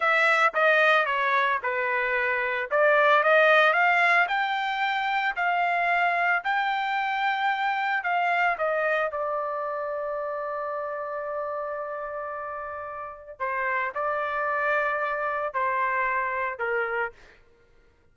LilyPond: \new Staff \with { instrumentName = "trumpet" } { \time 4/4 \tempo 4 = 112 e''4 dis''4 cis''4 b'4~ | b'4 d''4 dis''4 f''4 | g''2 f''2 | g''2. f''4 |
dis''4 d''2.~ | d''1~ | d''4 c''4 d''2~ | d''4 c''2 ais'4 | }